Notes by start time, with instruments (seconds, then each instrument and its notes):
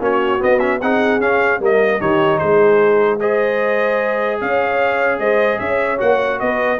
0.00 tuba A#3, trombone C#4, horn F#4, trumpet C#5
0.39 trombone B3, tuba B3, trumpet D#5
0.59 trombone C#4, trumpet E5
0.80 tuba C4, trombone D#4, horn G#4, trumpet F#5
1.20 tuba C#4, trombone C#4, trumpet F5
1.60 tuba G3, trombone A#3, horn A#4, trumpet D#5
2.00 tuba D#3, trombone D#4, horn G4, trumpet C#5
2.39 tuba G#3, horn G#4, trumpet C5
3.20 trombone G#4, horn C5, trumpet D#5
4.41 tuba C#4, horn C#5, trumpet F5
5.20 tuba G#3, horn C5, trumpet D#5
5.59 tuba C#4, horn C#5, trumpet E5
5.98 tuba A#3, trombone F#4, trumpet F#5
6.40 tuba B3, horn B4, trumpet D#5